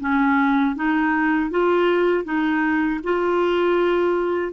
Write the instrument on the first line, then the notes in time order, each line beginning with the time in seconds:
clarinet
0.00 C#4
0.76 D#4
1.51 F4
2.24 D#4
3.03 F4